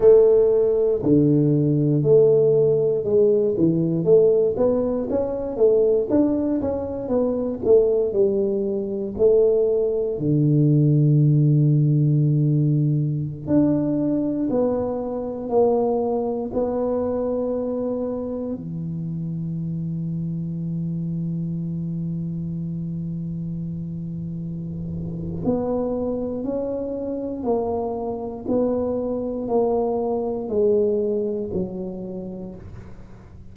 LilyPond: \new Staff \with { instrumentName = "tuba" } { \time 4/4 \tempo 4 = 59 a4 d4 a4 gis8 e8 | a8 b8 cis'8 a8 d'8 cis'8 b8 a8 | g4 a4 d2~ | d4~ d16 d'4 b4 ais8.~ |
ais16 b2 e4.~ e16~ | e1~ | e4 b4 cis'4 ais4 | b4 ais4 gis4 fis4 | }